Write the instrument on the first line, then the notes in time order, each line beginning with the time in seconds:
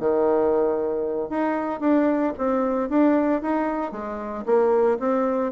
bassoon
0.00 D#3
1.30 D#4
1.81 D4
2.38 C4
2.89 D4
3.42 D#4
3.92 G#3
4.46 A#3
5.00 C4